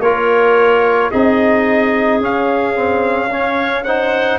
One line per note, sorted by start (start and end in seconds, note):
0.00 1.09 A#3
0.00 1.13 F4
0.00 1.11 A#4
0.00 1.11 C#5
1.11 2.21 C4
1.11 2.21 D#4
1.11 3.29 G#4
1.11 2.21 D#5
2.21 4.39 C#4
2.21 2.75 C#4
2.21 3.84 F5
2.75 3.30 C4
3.30 3.86 C#4
3.30 3.85 C#5
3.84 4.39 D#4
3.84 4.39 C5
3.84 4.39 F#5